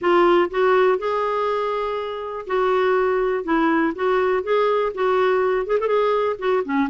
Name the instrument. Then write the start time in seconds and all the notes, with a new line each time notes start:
clarinet
0.01 F4
0.50 F#4
0.98 G#4
2.46 F#4
3.44 E4
3.95 F#4
4.43 G#4
4.94 F#4
5.66 G#4
5.79 A4
5.87 G#4
6.38 F#4
6.64 C#4